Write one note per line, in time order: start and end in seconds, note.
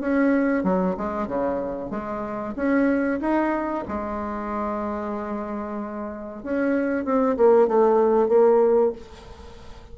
0.00 0.63 C#4
0.63 0.95 F#3
0.97 1.27 G#3
1.27 1.90 C#3
1.90 2.54 G#3
2.56 3.20 C#4
3.20 3.84 D#4
3.88 6.43 G#3
6.43 7.04 C#4
7.04 7.36 C4
7.37 7.67 A#3
7.67 8.28 A3
8.28 8.92 A#3